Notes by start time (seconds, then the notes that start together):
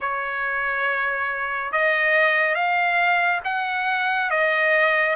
0.00 C#5
1.71 D#5
2.54 F5
3.44 F#5
4.30 D#5